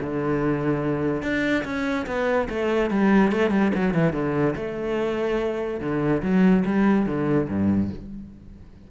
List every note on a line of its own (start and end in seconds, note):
0.00 1.22 D3
1.22 1.64 D4
1.64 2.06 C#4
2.06 2.48 B3
2.49 2.90 A3
2.90 3.32 G3
3.32 3.50 A3
3.50 3.71 G3
3.74 3.94 F#3
3.94 4.13 E3
4.13 4.54 D3
4.55 5.80 A3
5.80 6.22 D3
6.22 6.64 F#3
6.65 7.06 G3
7.06 7.48 D3
7.48 7.90 G2